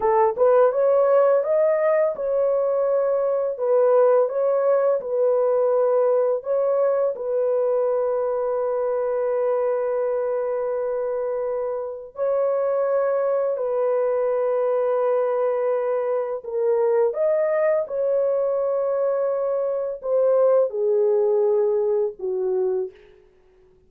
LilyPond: \new Staff \with { instrumentName = "horn" } { \time 4/4 \tempo 4 = 84 a'8 b'8 cis''4 dis''4 cis''4~ | cis''4 b'4 cis''4 b'4~ | b'4 cis''4 b'2~ | b'1~ |
b'4 cis''2 b'4~ | b'2. ais'4 | dis''4 cis''2. | c''4 gis'2 fis'4 | }